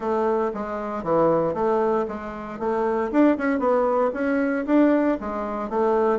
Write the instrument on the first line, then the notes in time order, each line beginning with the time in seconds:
bassoon
0.00 A3
0.54 G#3
1.03 E3
1.54 A3
2.08 G#3
2.59 A3
3.11 D4
3.37 C#4
3.59 B3
4.13 C#4
4.66 D4
5.20 G#3
5.69 A3